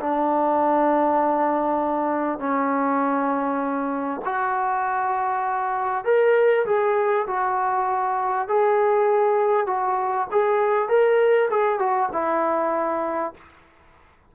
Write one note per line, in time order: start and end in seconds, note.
0.00 2.39 D4
2.39 4.21 C#4
4.25 6.04 F#4
6.04 6.65 A#4
6.66 7.26 G#4
7.27 8.48 F#4
8.48 9.66 G#4
9.66 10.27 F#4
10.31 10.88 G#4
10.88 11.49 A#4
11.50 11.79 G#4
11.79 12.09 F#4
12.12 13.34 E4